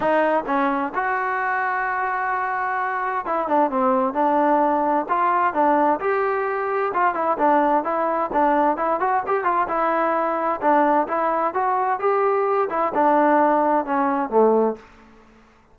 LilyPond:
\new Staff \with { instrumentName = "trombone" } { \time 4/4 \tempo 4 = 130 dis'4 cis'4 fis'2~ | fis'2. e'8 d'8 | c'4 d'2 f'4 | d'4 g'2 f'8 e'8 |
d'4 e'4 d'4 e'8 fis'8 | g'8 f'8 e'2 d'4 | e'4 fis'4 g'4. e'8 | d'2 cis'4 a4 | }